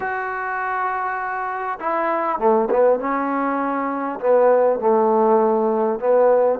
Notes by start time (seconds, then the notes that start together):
0.00 F#4
1.79 E4
2.38 A3
2.70 B3
2.99 C#4
4.19 B3
4.79 A3
5.99 B3